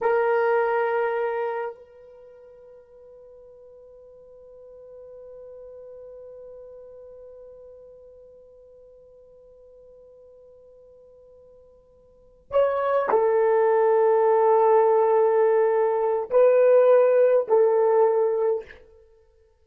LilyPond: \new Staff \with { instrumentName = "horn" } { \time 4/4 \tempo 4 = 103 ais'2. b'4~ | b'1~ | b'1~ | b'1~ |
b'1~ | b'4. cis''4 a'4.~ | a'1 | b'2 a'2 | }